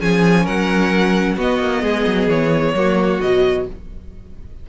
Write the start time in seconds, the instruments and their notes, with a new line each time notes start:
0.00 cello F3, viola C#4, violin G#4 G#5
0.44 cello F#3, violin A#4 F#5
1.36 cello B3, viola B3, violin F#4 D#5
1.59 cello A#3
1.82 cello G#3, violin G#4
2.06 cello F#3
2.27 cello E3, violin C#5
2.74 cello F#3, viola A#3, violin F#4
3.20 cello B2, viola F#3, violin D#5